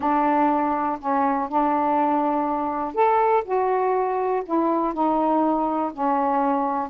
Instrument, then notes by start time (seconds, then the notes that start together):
saxophone
0.00 D4
1.00 C#4
1.48 D4
2.94 A4
3.44 F#4
4.45 E4
4.93 D#4
5.93 C#4